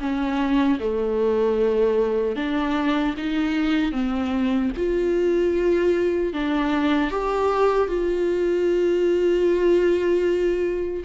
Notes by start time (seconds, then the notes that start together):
0.00 C#4
0.80 A3
2.36 D4
3.17 D#4
3.92 C4
4.77 F4
6.33 D4
7.11 G4
7.88 F4